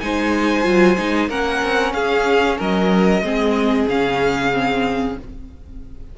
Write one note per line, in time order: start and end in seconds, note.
0.00 0.65 G#3
0.00 0.63 D#4
0.00 1.29 C5
0.00 1.29 G#5
0.63 0.97 F#3
0.63 0.95 F4
0.98 1.29 G#3
0.98 1.29 D#4
1.29 1.61 A#3
1.29 3.23 C#4
1.29 1.93 A#4
1.29 1.93 F#5
1.63 1.93 C4
1.93 2.57 C#4
1.93 2.58 G#4
1.93 2.57 F5
2.58 3.22 F#3
2.58 3.23 A#4
2.58 3.89 D#5
3.22 3.86 G#3
3.22 3.88 C4
3.22 5.17 G#4
3.88 5.17 C#3
3.88 4.53 C#4
3.88 5.18 F5
4.53 5.17 C4